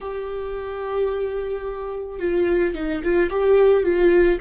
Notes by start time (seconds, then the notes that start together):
0.00 G4
2.19 F4
2.74 D#4
3.03 F4
3.30 G4
3.83 F4